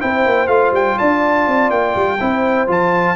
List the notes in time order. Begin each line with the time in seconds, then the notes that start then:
0.00 C4 E4 C5 G5
0.26 A#3
0.47 A3 F4 F5
0.72 G3 G5
0.97 D4 D5 A5
1.47 C4
1.70 A#3 G5
1.95 G3
2.20 C4 E4 C5
2.67 F3 F4 A5